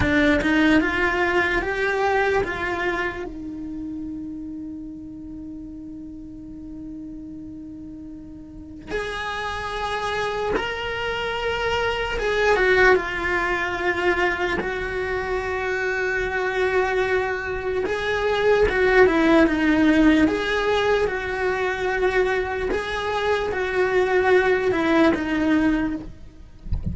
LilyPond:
\new Staff \with { instrumentName = "cello" } { \time 4/4 \tempo 4 = 74 d'8 dis'8 f'4 g'4 f'4 | dis'1~ | dis'2. gis'4~ | gis'4 ais'2 gis'8 fis'8 |
f'2 fis'2~ | fis'2 gis'4 fis'8 e'8 | dis'4 gis'4 fis'2 | gis'4 fis'4. e'8 dis'4 | }